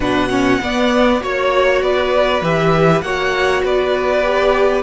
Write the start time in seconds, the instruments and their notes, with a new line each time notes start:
0.00 cello B2, viola D4, violin B4 F#5
0.29 viola C#4, violin C#5
0.61 cello B3, viola B3, violin D5
1.20 cello A#3, viola F#4, violin C#5
1.82 cello B3, violin B4 D5
2.41 cello E3, viola G4, violin E5
3.01 cello A#3, viola F#4, violin C#5 F#5
3.63 cello B3, violin B4 D5
4.22 viola G4